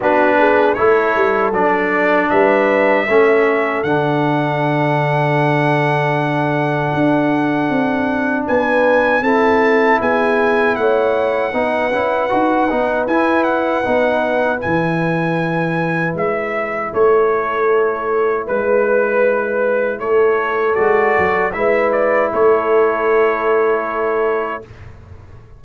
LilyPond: <<
  \new Staff \with { instrumentName = "trumpet" } { \time 4/4 \tempo 4 = 78 b'4 cis''4 d''4 e''4~ | e''4 fis''2.~ | fis''2. gis''4 | a''4 gis''4 fis''2~ |
fis''4 gis''8 fis''4. gis''4~ | gis''4 e''4 cis''2 | b'2 cis''4 d''4 | e''8 d''8 cis''2. | }
  \new Staff \with { instrumentName = "horn" } { \time 4/4 fis'8 gis'8 a'2 b'4 | a'1~ | a'2. b'4 | a'4 gis'4 cis''4 b'4~ |
b'1~ | b'2 a'2 | b'2 a'2 | b'4 a'2. | }
  \new Staff \with { instrumentName = "trombone" } { \time 4/4 d'4 e'4 d'2 | cis'4 d'2.~ | d'1 | e'2. dis'8 e'8 |
fis'8 dis'8 e'4 dis'4 e'4~ | e'1~ | e'2. fis'4 | e'1 | }
  \new Staff \with { instrumentName = "tuba" } { \time 4/4 b4 a8 g8 fis4 g4 | a4 d2.~ | d4 d'4 c'4 b4 | c'4 b4 a4 b8 cis'8 |
dis'8 b8 e'4 b4 e4~ | e4 gis4 a2 | gis2 a4 gis8 fis8 | gis4 a2. | }
>>